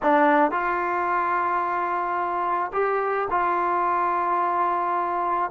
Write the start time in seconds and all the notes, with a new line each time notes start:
0.02 D4
0.51 F4
2.72 G4
3.30 F4